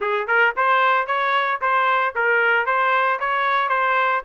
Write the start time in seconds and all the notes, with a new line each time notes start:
0.00 G#4
0.27 A#4
0.56 C5
1.06 C#5
1.61 C5
2.15 A#4
2.66 C5
3.19 C#5
3.69 C5